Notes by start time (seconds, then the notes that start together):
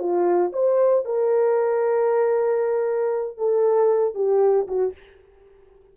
0.00 F4
0.53 C5
1.05 A#4
3.38 A4
4.15 G4
4.68 F#4